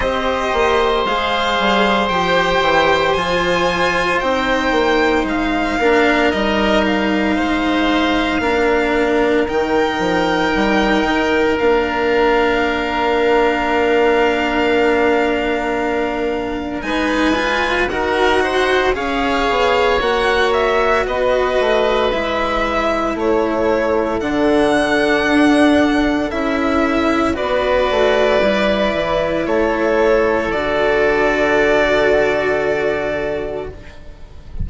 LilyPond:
<<
  \new Staff \with { instrumentName = "violin" } { \time 4/4 \tempo 4 = 57 dis''4 f''4 g''4 gis''4 | g''4 f''4 dis''8 f''4.~ | f''4 g''2 f''4~ | f''1 |
gis''4 fis''4 f''4 fis''8 e''8 | dis''4 e''4 cis''4 fis''4~ | fis''4 e''4 d''2 | cis''4 d''2. | }
  \new Staff \with { instrumentName = "oboe" } { \time 4/4 c''1~ | c''4. ais'4. c''4 | ais'1~ | ais'1 |
b'4 ais'8 c''8 cis''2 | b'2 a'2~ | a'2 b'2 | a'1 | }
  \new Staff \with { instrumentName = "cello" } { \time 4/4 g'4 gis'4 g'4 f'4 | dis'4. d'8 dis'2 | d'4 dis'2 d'4~ | d'1 |
dis'8 f'8 fis'4 gis'4 fis'4~ | fis'4 e'2 d'4~ | d'4 e'4 fis'4 e'4~ | e'4 fis'2. | }
  \new Staff \with { instrumentName = "bassoon" } { \time 4/4 c'8 ais8 gis8 g8 f8 e8 f4 | c'8 ais8 gis8 ais8 g4 gis4 | ais4 dis8 f8 g8 dis8 ais4~ | ais1 |
gis4 dis'4 cis'8 b8 ais4 | b8 a8 gis4 a4 d4 | d'4 cis'4 b8 a8 g8 e8 | a4 d2. | }
>>